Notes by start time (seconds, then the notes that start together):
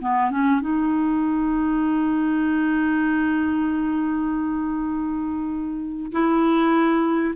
0.00 B3
0.31 C#4
0.60 D#4
6.12 E4